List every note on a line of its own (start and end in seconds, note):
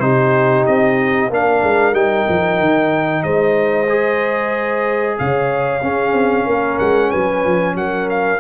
0.00 0.65 C3
0.00 1.31 D#4
0.00 1.33 G4
0.00 0.65 C5
0.66 1.30 C4
0.66 1.31 D#5
1.30 1.63 A#3
1.30 1.93 D4
1.30 3.23 A#4
1.30 1.95 F5
1.63 1.93 G#3
1.93 2.25 G3
1.93 3.87 D#4
1.93 3.24 G5
2.29 2.60 F3
2.60 3.24 D#3
3.23 5.17 G#3
3.23 5.17 C5
3.23 5.17 D#5
3.89 5.82 G#4
5.19 5.82 C#3
5.19 5.84 C#5
5.19 6.79 F5
5.82 8.40 C#4
5.82 6.13 C#4
5.82 6.46 G#4
6.13 6.45 C4
6.46 6.79 A#3
6.46 7.09 A#4
6.79 7.12 G#3
6.79 7.11 F#5
7.09 7.45 F#3
7.09 7.73 B4
7.09 7.76 G#5
7.45 7.75 F3
7.75 8.40 F#3
7.75 8.40 A#4
7.75 8.09 F#5
8.10 8.40 F5